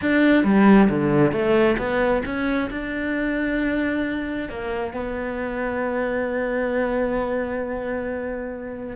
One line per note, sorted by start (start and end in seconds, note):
0.01 0.44 D4
0.44 0.88 G3
0.89 1.32 D3
1.32 1.76 A3
1.78 2.22 B3
2.25 2.70 C#4
2.70 4.49 D4
4.49 4.93 A#3
4.93 8.96 B3